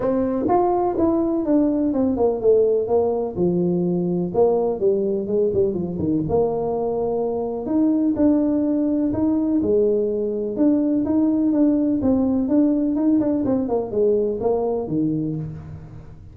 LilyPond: \new Staff \with { instrumentName = "tuba" } { \time 4/4 \tempo 4 = 125 c'4 f'4 e'4 d'4 | c'8 ais8 a4 ais4 f4~ | f4 ais4 g4 gis8 g8 | f8 dis8 ais2. |
dis'4 d'2 dis'4 | gis2 d'4 dis'4 | d'4 c'4 d'4 dis'8 d'8 | c'8 ais8 gis4 ais4 dis4 | }